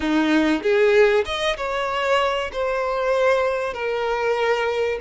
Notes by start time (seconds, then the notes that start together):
0.00 D#4
0.62 G#4
1.25 D#5
1.57 C#5
2.52 C5
3.73 A#4